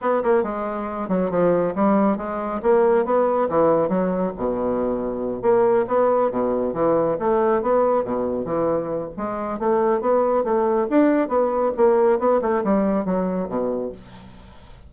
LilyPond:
\new Staff \with { instrumentName = "bassoon" } { \time 4/4 \tempo 4 = 138 b8 ais8 gis4. fis8 f4 | g4 gis4 ais4 b4 | e4 fis4 b,2~ | b,8 ais4 b4 b,4 e8~ |
e8 a4 b4 b,4 e8~ | e4 gis4 a4 b4 | a4 d'4 b4 ais4 | b8 a8 g4 fis4 b,4 | }